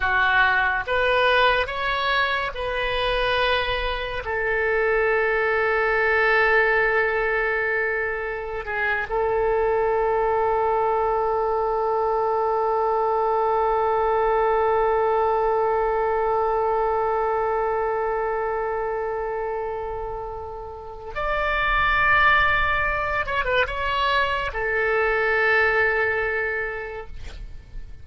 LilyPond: \new Staff \with { instrumentName = "oboe" } { \time 4/4 \tempo 4 = 71 fis'4 b'4 cis''4 b'4~ | b'4 a'2.~ | a'2~ a'16 gis'8 a'4~ a'16~ | a'1~ |
a'1~ | a'1~ | a'4 d''2~ d''8 cis''16 b'16 | cis''4 a'2. | }